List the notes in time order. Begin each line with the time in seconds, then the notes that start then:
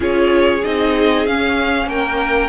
0.00 C#4 F4 G#4 C#5
0.64 C4 D#4 D#5
1.26 C#4 F5
1.86 A#3 A#4 G5